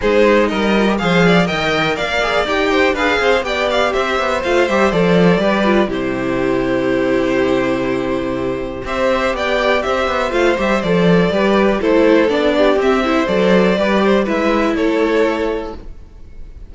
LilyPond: <<
  \new Staff \with { instrumentName = "violin" } { \time 4/4 \tempo 4 = 122 c''4 dis''4 f''4 g''4 | f''4 g''4 f''4 g''8 f''8 | e''4 f''8 e''8 d''2 | c''1~ |
c''2 e''4 g''4 | e''4 f''8 e''8 d''2 | c''4 d''4 e''4 d''4~ | d''4 e''4 cis''2 | }
  \new Staff \with { instrumentName = "violin" } { \time 4/4 gis'4 ais'4 c''8 d''8 dis''4 | d''4. c''8 b'8 c''8 d''4 | c''2. b'4 | g'1~ |
g'2 c''4 d''4 | c''2. b'4 | a'4. g'4 c''4. | b'8 c''8 b'4 a'2 | }
  \new Staff \with { instrumentName = "viola" } { \time 4/4 dis'4. f'16 g'16 gis'4 ais'4~ | ais'8 gis'8 g'4 gis'4 g'4~ | g'4 f'8 g'8 a'4 g'8 f'8 | e'1~ |
e'2 g'2~ | g'4 f'8 g'8 a'4 g'4 | e'4 d'4 c'8 e'8 a'4 | g'4 e'2. | }
  \new Staff \with { instrumentName = "cello" } { \time 4/4 gis4 g4 f4 dis4 | ais4 dis'4 d'8 c'8 b4 | c'8 b8 a8 g8 f4 g4 | c1~ |
c2 c'4 b4 | c'8 b8 a8 g8 f4 g4 | a4 b4 c'4 fis4 | g4 gis4 a2 | }
>>